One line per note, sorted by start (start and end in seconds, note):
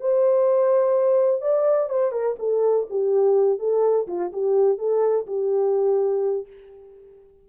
0.00 1.41 C5
1.41 1.89 D5
1.89 2.12 C5
2.12 2.36 A#4
2.39 2.87 A4
2.90 3.59 G4
3.59 4.07 A4
4.07 4.31 F4
4.32 4.78 G4
4.78 5.26 A4
5.26 6.46 G4